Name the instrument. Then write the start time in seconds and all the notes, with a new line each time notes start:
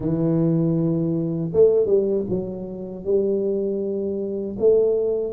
tuba
0.00 E3
1.53 A3
1.85 G3
2.29 F#3
3.04 G3
4.58 A3